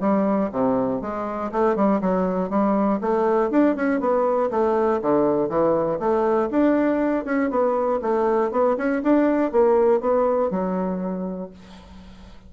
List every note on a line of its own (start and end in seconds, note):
0.00 0.50 G3
0.52 1.01 C3
1.01 1.51 G#3
1.52 1.76 A3
1.76 2.01 G3
2.01 2.50 F#3
2.50 3.00 G3
3.01 3.51 A3
3.51 3.76 D4
3.76 4.00 C#4
4.00 4.50 B3
4.50 5.00 A3
5.02 5.49 D3
5.49 5.99 E3
5.99 6.49 A3
6.51 7.25 D4
7.25 7.50 C#4
7.50 8.00 B3
8.02 8.51 A3
8.51 8.76 B3
8.77 9.02 C#4
9.03 9.52 D4
9.52 10.01 A#3
10.01 10.51 B3
10.51 11.51 F#3